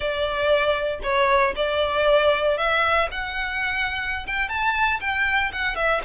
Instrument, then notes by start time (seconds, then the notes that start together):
violin
0.00 D5
1.02 C#5
1.56 D5
2.57 E5
3.11 F#5
4.26 G5
4.48 A5
5.00 G5
5.52 F#5
5.75 E5